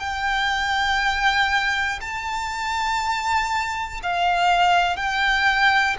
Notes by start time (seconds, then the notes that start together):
0.00 G5
2.00 A5
4.03 F5
4.96 G5